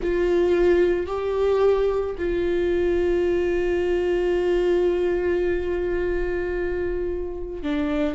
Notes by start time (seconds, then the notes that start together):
0.02 F4
1.06 G4
2.18 F4
7.63 D4